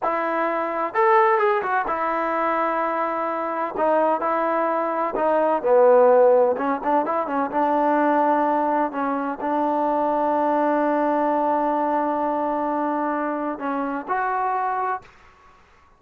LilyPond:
\new Staff \with { instrumentName = "trombone" } { \time 4/4 \tempo 4 = 128 e'2 a'4 gis'8 fis'8 | e'1 | dis'4 e'2 dis'4 | b2 cis'8 d'8 e'8 cis'8 |
d'2. cis'4 | d'1~ | d'1~ | d'4 cis'4 fis'2 | }